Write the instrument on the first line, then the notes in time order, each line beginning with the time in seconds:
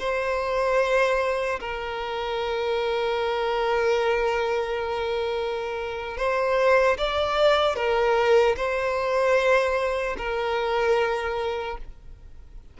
violin
0.00 C5
1.60 A#4
6.17 C5
6.98 D5
7.76 A#4
8.57 C5
10.18 A#4